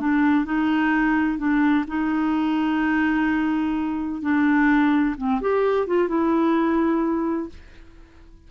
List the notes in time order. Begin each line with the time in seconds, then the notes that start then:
0.00 D4
0.45 D#4
1.38 D4
1.87 D#4
4.22 D4
5.18 C4
5.41 G4
5.87 F4
6.08 E4